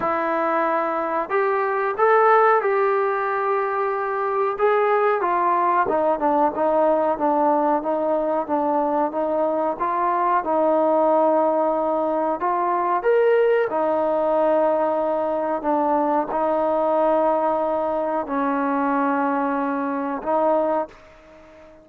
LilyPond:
\new Staff \with { instrumentName = "trombone" } { \time 4/4 \tempo 4 = 92 e'2 g'4 a'4 | g'2. gis'4 | f'4 dis'8 d'8 dis'4 d'4 | dis'4 d'4 dis'4 f'4 |
dis'2. f'4 | ais'4 dis'2. | d'4 dis'2. | cis'2. dis'4 | }